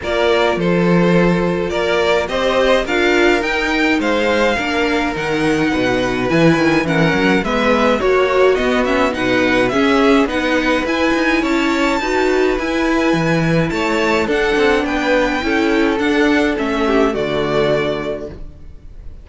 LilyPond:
<<
  \new Staff \with { instrumentName = "violin" } { \time 4/4 \tempo 4 = 105 d''4 c''2 d''4 | dis''4 f''4 g''4 f''4~ | f''4 fis''2 gis''4 | fis''4 e''4 cis''4 dis''8 e''8 |
fis''4 e''4 fis''4 gis''4 | a''2 gis''2 | a''4 fis''4 g''2 | fis''4 e''4 d''2 | }
  \new Staff \with { instrumentName = "violin" } { \time 4/4 ais'4 a'2 ais'4 | c''4 ais'2 c''4 | ais'2 b'2 | ais'4 b'4 fis'2 |
b'4 gis'4 b'2 | cis''4 b'2. | cis''4 a'4 b'4 a'4~ | a'4. g'8 fis'2 | }
  \new Staff \with { instrumentName = "viola" } { \time 4/4 f'1 | g'4 f'4 dis'2 | d'4 dis'2 e'4 | cis'4 b4 fis'4 b8 cis'8 |
dis'4 cis'4 dis'4 e'4~ | e'4 fis'4 e'2~ | e'4 d'2 e'4 | d'4 cis'4 a2 | }
  \new Staff \with { instrumentName = "cello" } { \time 4/4 ais4 f2 ais4 | c'4 d'4 dis'4 gis4 | ais4 dis4 b,4 e8 dis8 | e8 fis8 gis4 ais4 b4 |
b,4 cis'4 b4 e'8 dis'8 | cis'4 dis'4 e'4 e4 | a4 d'8 c'8 b4 cis'4 | d'4 a4 d2 | }
>>